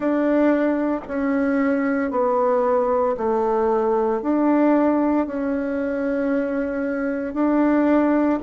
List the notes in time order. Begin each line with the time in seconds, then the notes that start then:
0.00 D4
1.07 C#4
2.11 B3
3.17 A3
4.22 D4
5.26 C#4
7.33 D4